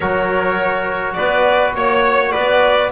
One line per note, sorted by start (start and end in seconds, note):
0.00 1.17 F#3
0.00 2.91 F#4
0.00 1.16 A#4
0.00 1.14 C#5
1.14 1.75 B3
1.14 1.75 B4
1.14 1.72 D5
1.75 2.33 A#3
1.75 2.32 C#5
1.75 2.31 C#5
2.31 2.91 B3
2.31 2.90 B4
2.31 2.90 D5